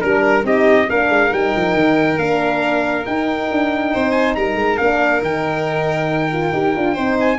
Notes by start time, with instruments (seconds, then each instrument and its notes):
0.00 tuba G3, horn D4, trumpet A#4, violin A#4
0.44 tuba C4, horn D#4, violin G4, trumpet D#5
0.89 tuba A#3, horn D4, violin A#4, trumpet F5
1.09 tuba G#3
1.30 tuba G3, horn D#4, trumpet G5
1.55 tuba F3
1.74 tuba D#3
2.16 tuba A#3, horn D4, trumpet F5
3.05 horn D#4, tuba D#4, trumpet G5
3.51 tuba D4
3.92 tuba C4, violin C5
4.11 trumpet G#5
4.34 tuba G3, violin A#4, trumpet A#5
4.55 tuba G#3
4.77 tuba A#3, horn D4, trumpet F5
5.21 tuba D#3, horn D#4, trumpet G5
6.32 horn F4
6.52 tuba D#4, horn G4
6.75 tuba D4, horn F4
6.93 tuba C4, horn D#4, violin C5
7.19 trumpet G#5